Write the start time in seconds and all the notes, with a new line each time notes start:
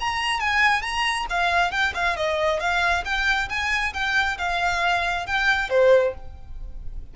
0.00 A#5
0.40 G#5
0.82 A#5
1.30 F5
1.71 G5
1.95 F5
2.17 D#5
2.60 F5
3.05 G5
3.49 G#5
3.94 G5
4.38 F5
5.26 G5
5.70 C5